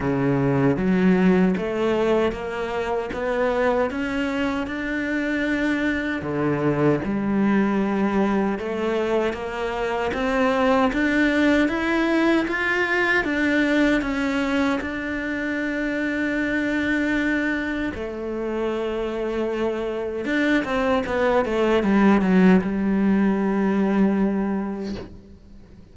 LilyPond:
\new Staff \with { instrumentName = "cello" } { \time 4/4 \tempo 4 = 77 cis4 fis4 a4 ais4 | b4 cis'4 d'2 | d4 g2 a4 | ais4 c'4 d'4 e'4 |
f'4 d'4 cis'4 d'4~ | d'2. a4~ | a2 d'8 c'8 b8 a8 | g8 fis8 g2. | }